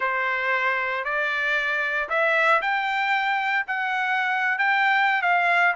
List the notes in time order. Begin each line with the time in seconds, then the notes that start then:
0.00 C5
1.04 D5
2.09 E5
2.61 G5
3.67 F#5
4.58 G5
5.22 F5